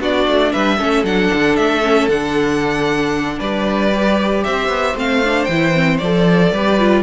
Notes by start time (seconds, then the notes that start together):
0.00 B3 D4 F#4 D5
0.27 A3
0.52 G3 B4 E5
0.78 A3 C#4 A4
1.03 F#3 D4 F#5
1.34 D3
1.56 A3 E5
1.82 C#4
2.08 D3 D4 F#5
3.39 G3 B4 D5
3.94 G4
4.44 C4 C5 E5
4.68 B3
4.95 A3 C4 F5
5.24 D4
5.45 E3 G5
5.52 E4
5.73 C4
5.98 F3 A4 D5
6.52 G3 G4 B4
6.80 F4